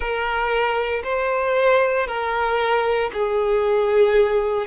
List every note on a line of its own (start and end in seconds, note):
0.00 1.02 A#4
1.03 2.07 C5
2.07 3.10 A#4
3.13 4.66 G#4